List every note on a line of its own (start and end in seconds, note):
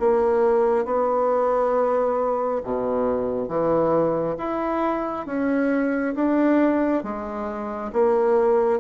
0.00 0.85 A#3
0.85 2.62 B3
2.64 3.49 B2
3.49 4.37 E3
4.38 5.27 E4
5.27 6.15 C#4
6.15 7.03 D4
7.03 7.92 G#3
7.93 8.80 A#3